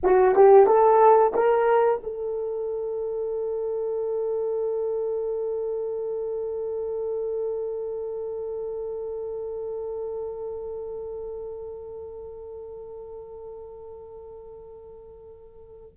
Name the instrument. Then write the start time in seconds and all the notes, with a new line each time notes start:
horn
0.03 F#4
0.35 G4
0.66 A4
1.34 A#4
2.03 A4